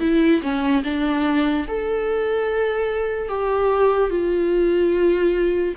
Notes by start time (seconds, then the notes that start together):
0.00 E4
0.42 C#4
0.84 D4
1.68 A4
3.28 G4
4.10 F4